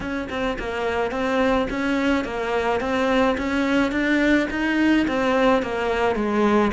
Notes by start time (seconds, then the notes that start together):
0.00 C#4
0.29 C4
0.58 A#3
1.11 C4
1.70 C#4
2.24 A#3
2.80 C4
3.37 C#4
3.91 D4
4.50 D#4
5.07 C4
5.62 A#3
6.15 G#3